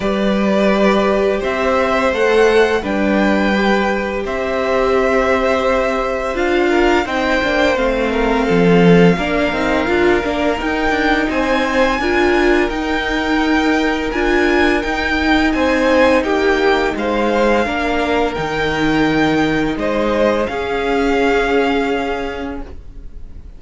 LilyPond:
<<
  \new Staff \with { instrumentName = "violin" } { \time 4/4 \tempo 4 = 85 d''2 e''4 fis''4 | g''2 e''2~ | e''4 f''4 g''4 f''4~ | f''2. g''4 |
gis''2 g''2 | gis''4 g''4 gis''4 g''4 | f''2 g''2 | dis''4 f''2. | }
  \new Staff \with { instrumentName = "violin" } { \time 4/4 b'2 c''2 | b'2 c''2~ | c''4. ais'8 c''4. ais'8 | a'4 ais'2. |
c''4 ais'2.~ | ais'2 c''4 g'4 | c''4 ais'2. | c''4 gis'2. | }
  \new Staff \with { instrumentName = "viola" } { \time 4/4 g'2. a'4 | d'4 g'2.~ | g'4 f'4 dis'8 d'8 c'4~ | c'4 d'8 dis'8 f'8 d'8 dis'4~ |
dis'4 f'4 dis'2 | f'4 dis'2.~ | dis'4 d'4 dis'2~ | dis'4 cis'2. | }
  \new Staff \with { instrumentName = "cello" } { \time 4/4 g2 c'4 a4 | g2 c'2~ | c'4 d'4 c'8 ais8 a4 | f4 ais8 c'8 d'8 ais8 dis'8 d'8 |
c'4 d'4 dis'2 | d'4 dis'4 c'4 ais4 | gis4 ais4 dis2 | gis4 cis'2. | }
>>